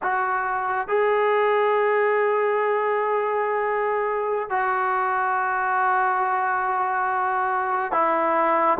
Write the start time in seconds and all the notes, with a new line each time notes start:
0.02 F#4
0.88 G#4
4.49 F#4
7.92 E4